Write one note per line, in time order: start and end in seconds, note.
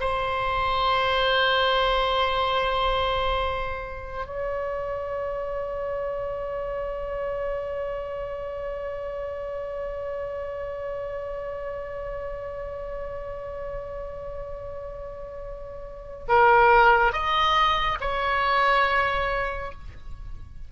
0.00 4.26 C5
4.26 16.26 C#5
16.28 17.13 A#4
17.13 17.98 D#5
18.00 19.72 C#5